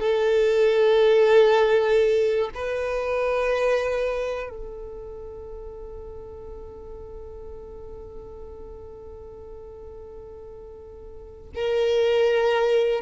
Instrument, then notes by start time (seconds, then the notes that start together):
violin
0.00 A4
2.55 B4
4.50 A4
11.55 A#4